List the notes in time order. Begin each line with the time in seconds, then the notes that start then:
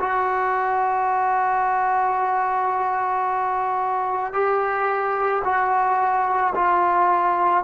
0.00 F#4
4.33 G4
5.45 F#4
6.56 F4